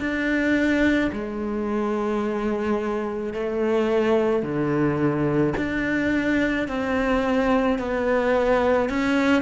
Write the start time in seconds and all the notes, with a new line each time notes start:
0.00 D4
1.13 G#3
3.33 A3
4.43 D3
5.58 D4
6.68 C4
7.79 B3
8.90 C#4